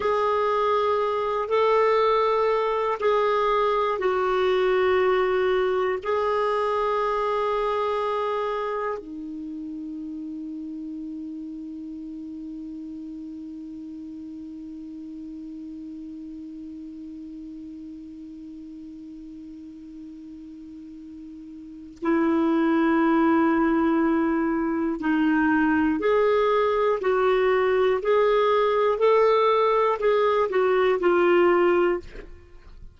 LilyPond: \new Staff \with { instrumentName = "clarinet" } { \time 4/4 \tempo 4 = 60 gis'4. a'4. gis'4 | fis'2 gis'2~ | gis'4 dis'2.~ | dis'1~ |
dis'1~ | dis'2 e'2~ | e'4 dis'4 gis'4 fis'4 | gis'4 a'4 gis'8 fis'8 f'4 | }